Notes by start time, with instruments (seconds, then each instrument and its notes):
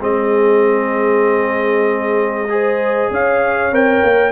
0.00 tuba G#3, trombone C4, horn G#4, trumpet D#5
2.49 trombone G#4, horn C5
3.11 tuba C#4, horn C#5, trumpet F5
3.72 tuba C4, trombone A#4, trumpet G5
4.03 tuba A#3